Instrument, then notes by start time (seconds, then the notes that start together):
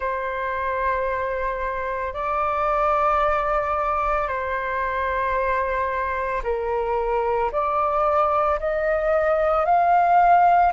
flute
0.00 C5
2.13 D5
4.28 C5
6.43 A#4
7.52 D5
8.59 D#5
9.65 F5